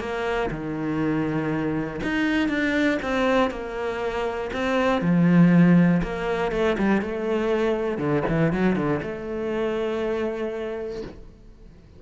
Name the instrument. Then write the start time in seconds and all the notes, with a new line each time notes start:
cello
0.00 A#3
0.51 D#3
2.03 D#4
2.49 D4
3.02 C4
3.51 A#3
4.53 C4
5.02 F3
6.03 A#3
6.52 A3
6.78 G3
7.02 A3
7.98 D3
8.29 E3
8.53 F#3
8.76 D3
9.03 A3